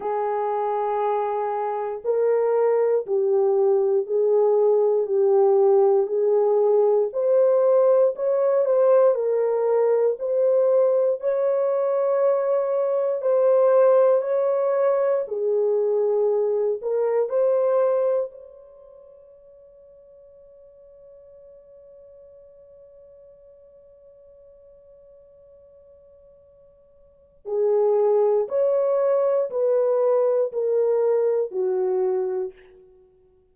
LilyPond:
\new Staff \with { instrumentName = "horn" } { \time 4/4 \tempo 4 = 59 gis'2 ais'4 g'4 | gis'4 g'4 gis'4 c''4 | cis''8 c''8 ais'4 c''4 cis''4~ | cis''4 c''4 cis''4 gis'4~ |
gis'8 ais'8 c''4 cis''2~ | cis''1~ | cis''2. gis'4 | cis''4 b'4 ais'4 fis'4 | }